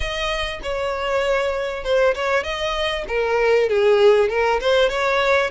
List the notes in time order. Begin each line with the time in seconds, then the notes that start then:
0.00 D#5
0.63 C#5
1.83 C5
2.14 C#5
2.43 D#5
3.08 A#4
3.69 G#4
4.29 A#4
4.60 C5
4.89 C#5